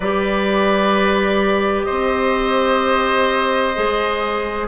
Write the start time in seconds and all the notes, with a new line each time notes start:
0.00 G3 G4 B4 D5
1.83 C5 D#5
1.89 C4
3.75 G#3 G#4